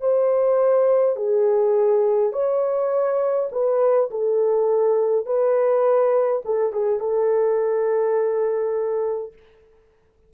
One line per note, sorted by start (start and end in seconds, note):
0.00 1.16 C5
1.16 2.32 G#4
2.32 3.49 C#5
3.51 4.10 B4
4.10 5.25 A4
5.25 6.42 B4
6.45 6.72 A4
6.72 7.00 G#4
7.00 9.33 A4